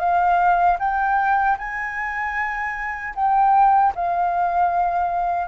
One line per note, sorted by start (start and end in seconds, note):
0.00 0.78 F5
0.80 1.58 G5
1.58 3.14 G#5
3.16 3.94 G5
3.95 5.48 F5